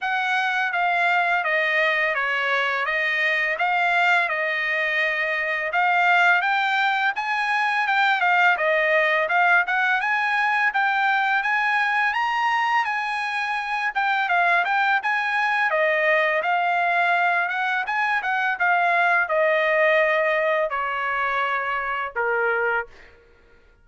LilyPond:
\new Staff \with { instrumentName = "trumpet" } { \time 4/4 \tempo 4 = 84 fis''4 f''4 dis''4 cis''4 | dis''4 f''4 dis''2 | f''4 g''4 gis''4 g''8 f''8 | dis''4 f''8 fis''8 gis''4 g''4 |
gis''4 ais''4 gis''4. g''8 | f''8 g''8 gis''4 dis''4 f''4~ | f''8 fis''8 gis''8 fis''8 f''4 dis''4~ | dis''4 cis''2 ais'4 | }